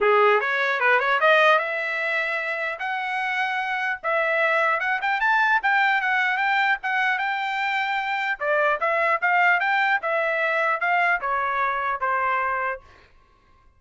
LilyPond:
\new Staff \with { instrumentName = "trumpet" } { \time 4/4 \tempo 4 = 150 gis'4 cis''4 b'8 cis''8 dis''4 | e''2. fis''4~ | fis''2 e''2 | fis''8 g''8 a''4 g''4 fis''4 |
g''4 fis''4 g''2~ | g''4 d''4 e''4 f''4 | g''4 e''2 f''4 | cis''2 c''2 | }